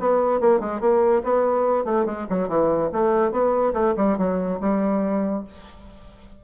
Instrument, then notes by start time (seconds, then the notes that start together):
bassoon
0.00 B3
0.41 A#3
0.60 G#3
0.81 A#3
1.24 B3
1.85 A3
2.06 G#3
2.30 F#3
2.49 E3
2.93 A3
3.32 B3
3.74 A3
3.97 G3
4.18 F#3
4.61 G3